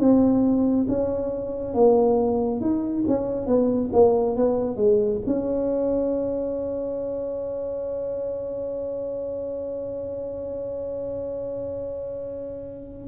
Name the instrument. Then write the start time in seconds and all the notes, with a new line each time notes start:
tuba
0.00 C4
0.89 C#4
1.74 A#3
2.61 D#4
3.08 C#4
3.47 B3
3.93 A#3
4.37 B3
4.77 G#3
5.26 C#4